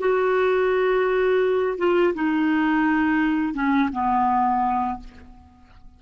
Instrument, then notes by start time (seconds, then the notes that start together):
clarinet
0.00 F#4
1.78 F4
2.15 D#4
3.54 C#4
3.93 B3